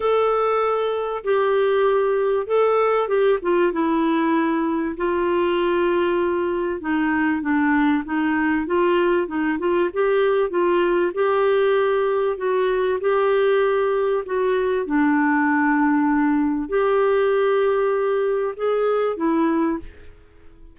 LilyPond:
\new Staff \with { instrumentName = "clarinet" } { \time 4/4 \tempo 4 = 97 a'2 g'2 | a'4 g'8 f'8 e'2 | f'2. dis'4 | d'4 dis'4 f'4 dis'8 f'8 |
g'4 f'4 g'2 | fis'4 g'2 fis'4 | d'2. g'4~ | g'2 gis'4 e'4 | }